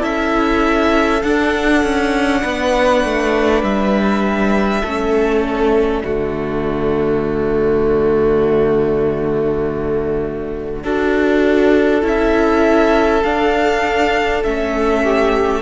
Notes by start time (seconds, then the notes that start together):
0.00 C#4 E4 A4 E5
1.23 D4 F#5
1.83 C#4
2.42 B3 B4
3.04 A3
3.63 G3 E5
4.81 A3 C#4 A4
5.42 D5
6.04 D3 A3 F#4
10.83 D4 F#4 A4
12.02 C#4 E4 E5
13.23 D4 F5
14.44 A3 C#4 E5
15.04 G4